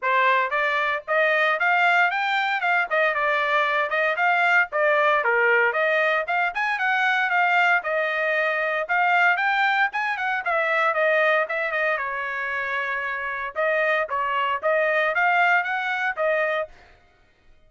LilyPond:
\new Staff \with { instrumentName = "trumpet" } { \time 4/4 \tempo 4 = 115 c''4 d''4 dis''4 f''4 | g''4 f''8 dis''8 d''4. dis''8 | f''4 d''4 ais'4 dis''4 | f''8 gis''8 fis''4 f''4 dis''4~ |
dis''4 f''4 g''4 gis''8 fis''8 | e''4 dis''4 e''8 dis''8 cis''4~ | cis''2 dis''4 cis''4 | dis''4 f''4 fis''4 dis''4 | }